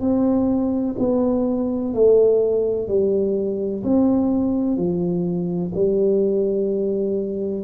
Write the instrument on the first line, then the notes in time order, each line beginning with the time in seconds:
tuba
0.00 C4
0.99 B3
1.94 A3
2.88 G3
3.83 C4
4.77 F3
5.75 G3